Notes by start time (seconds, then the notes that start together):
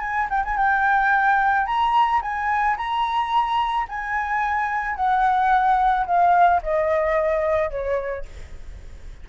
0.00 G#5
0.30 G5
0.44 G#5
0.57 G5
1.66 A#5
2.21 G#5
2.77 A#5
3.88 G#5
4.95 F#5
6.06 F5
6.62 D#5
7.70 C#5